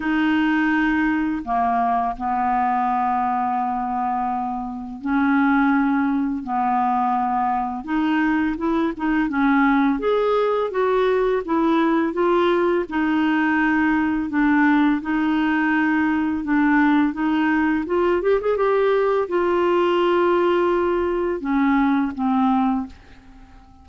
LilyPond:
\new Staff \with { instrumentName = "clarinet" } { \time 4/4 \tempo 4 = 84 dis'2 ais4 b4~ | b2. cis'4~ | cis'4 b2 dis'4 | e'8 dis'8 cis'4 gis'4 fis'4 |
e'4 f'4 dis'2 | d'4 dis'2 d'4 | dis'4 f'8 g'16 gis'16 g'4 f'4~ | f'2 cis'4 c'4 | }